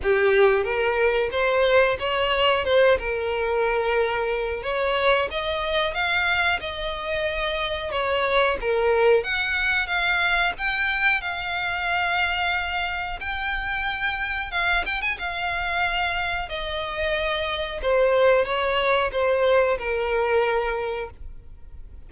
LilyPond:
\new Staff \with { instrumentName = "violin" } { \time 4/4 \tempo 4 = 91 g'4 ais'4 c''4 cis''4 | c''8 ais'2~ ais'8 cis''4 | dis''4 f''4 dis''2 | cis''4 ais'4 fis''4 f''4 |
g''4 f''2. | g''2 f''8 g''16 gis''16 f''4~ | f''4 dis''2 c''4 | cis''4 c''4 ais'2 | }